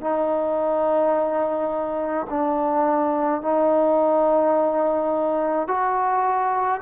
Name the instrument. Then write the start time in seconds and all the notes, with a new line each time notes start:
trombone
0.00 D#4
2.30 D4
3.41 D#4
5.68 F#4